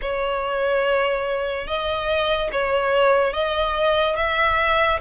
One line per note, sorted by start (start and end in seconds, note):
0.01 1.67 C#5
1.67 2.50 D#5
2.52 3.33 C#5
3.33 4.16 D#5
4.16 4.99 E5